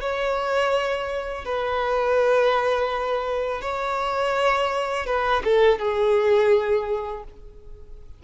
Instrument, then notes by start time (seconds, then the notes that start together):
violin
0.00 C#5
1.45 B4
3.61 C#5
5.06 B4
5.44 A4
5.78 G#4